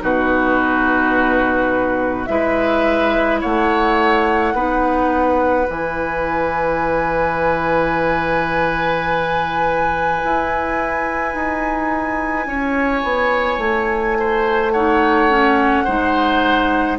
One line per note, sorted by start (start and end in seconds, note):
0.00 2.29 B2
0.00 2.26 D#4
0.00 2.29 F#4
0.00 2.26 B4
2.26 3.43 G#3
2.26 4.55 E4
2.26 3.41 B4
2.26 3.40 E5
3.41 4.54 A3
3.41 4.54 C#5
3.41 5.69 F#5
4.54 5.67 B3
4.54 5.67 D#4
4.54 12.47 B4
5.67 10.22 E3
5.67 14.73 E4
5.67 14.72 G#5
10.25 11.35 E4
11.35 12.47 D#4
12.47 13.03 C#4
12.47 14.18 C#5
13.04 13.58 B3
13.58 15.85 A3
14.19 14.73 C5
14.72 15.30 D#4
14.72 15.85 C#5
14.72 16.98 F#5
15.30 15.87 C#4
15.85 16.99 G#3
15.85 16.99 D#4
15.85 16.98 C5